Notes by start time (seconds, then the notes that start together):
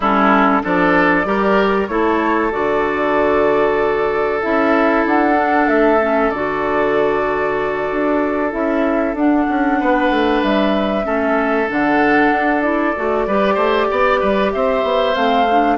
0.00 G3 C#4 E4 A4
0.62 F3 D4 A4 D5
1.24 G3 G4 A#4
1.87 A3 E4 A4 C#5
2.51 D3 F#4 D5
4.42 C#4 E4 E5
5.05 D4 F#5
5.34 D4
5.68 A3 E5
6.01 C#4
6.30 D3 F#4 D5
7.91 D4
8.51 C#4 E4 E5
9.13 D4 F#5
9.49 C#4
9.79 B3 B4
10.09 A3
10.42 G3 E5
11.03 A3 C#4 A4
11.67 D3 D4 F#5
12.31 D4
12.61 E4 D5
12.96 A3 F#4
13.26 G3 G4 B4
13.54 A3 C5
13.90 B3 D5
14.19 G3 B4
14.51 C4 C5 E5
14.83 B3
15.14 A3 C4 F5
15.51 D4